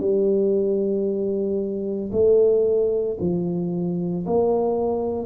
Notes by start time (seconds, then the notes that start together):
0.00 G3
2.12 A3
3.20 F3
4.26 A#3